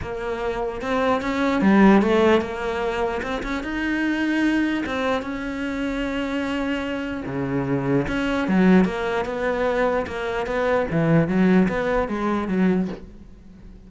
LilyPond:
\new Staff \with { instrumentName = "cello" } { \time 4/4 \tempo 4 = 149 ais2 c'4 cis'4 | g4 a4 ais2 | c'8 cis'8 dis'2. | c'4 cis'2.~ |
cis'2 cis2 | cis'4 fis4 ais4 b4~ | b4 ais4 b4 e4 | fis4 b4 gis4 fis4 | }